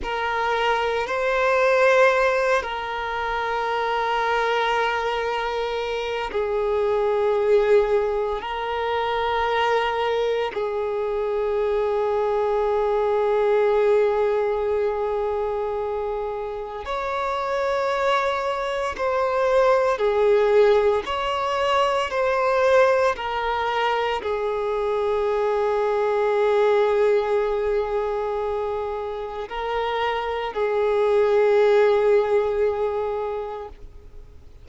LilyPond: \new Staff \with { instrumentName = "violin" } { \time 4/4 \tempo 4 = 57 ais'4 c''4. ais'4.~ | ais'2 gis'2 | ais'2 gis'2~ | gis'1 |
cis''2 c''4 gis'4 | cis''4 c''4 ais'4 gis'4~ | gis'1 | ais'4 gis'2. | }